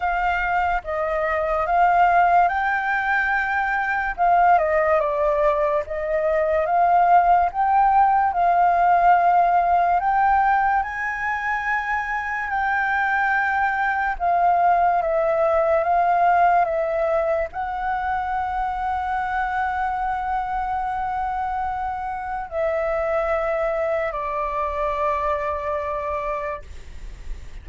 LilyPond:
\new Staff \with { instrumentName = "flute" } { \time 4/4 \tempo 4 = 72 f''4 dis''4 f''4 g''4~ | g''4 f''8 dis''8 d''4 dis''4 | f''4 g''4 f''2 | g''4 gis''2 g''4~ |
g''4 f''4 e''4 f''4 | e''4 fis''2.~ | fis''2. e''4~ | e''4 d''2. | }